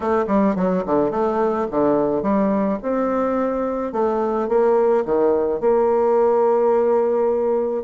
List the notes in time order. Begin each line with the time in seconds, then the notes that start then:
0.00 A3
0.27 G3
0.55 F#3
0.86 D3
1.11 A3
1.70 D3
2.22 G3
2.82 C4
3.92 A3
4.48 A#3
5.05 D#3
5.60 A#3